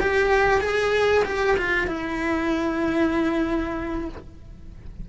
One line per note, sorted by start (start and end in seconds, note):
0.00 0.61 G4
0.61 1.24 G#4
1.25 1.57 G4
1.57 1.87 F4
1.87 4.09 E4